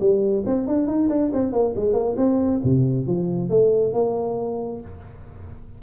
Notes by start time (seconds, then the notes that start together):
0.00 G3
0.46 C4
0.67 D4
0.87 D#4
1.09 D4
1.33 C4
1.53 A#3
1.76 G#3
1.93 A#3
2.17 C4
2.64 C3
3.07 F3
3.50 A3
3.93 A#3